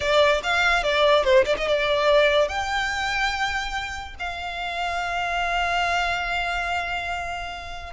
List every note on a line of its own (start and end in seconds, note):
0.00 0.41 D5
0.43 0.83 F5
0.83 1.24 D5
1.24 1.45 C5
1.45 1.55 D5
1.57 1.67 D#5
1.67 2.48 D5
2.48 4.15 G5
4.19 7.93 F5